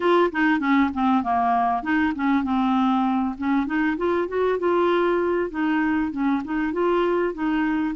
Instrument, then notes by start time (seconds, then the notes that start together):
clarinet
0.00 F4
0.32 D#4
0.59 C#4
0.93 C4
1.23 A#3
1.82 D#4
2.15 C#4
2.43 C4
3.38 C#4
3.66 D#4
3.97 F4
4.28 F#4
4.58 F4
5.50 D#4
6.11 C#4
6.44 D#4
6.72 F4
7.33 D#4